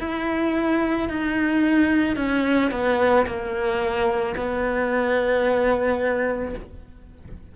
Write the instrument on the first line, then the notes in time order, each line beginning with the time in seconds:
cello
0.00 E4
1.09 D#4
2.17 C#4
2.71 B3
3.26 A#3
4.36 B3